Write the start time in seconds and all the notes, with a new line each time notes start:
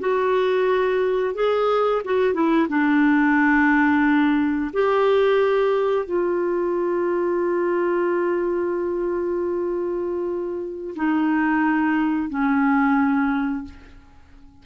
0.00 F#4
1.35 G#4
2.05 F#4
2.34 E4
2.69 D4
4.73 G4
6.06 F4
10.96 D#4
12.30 C#4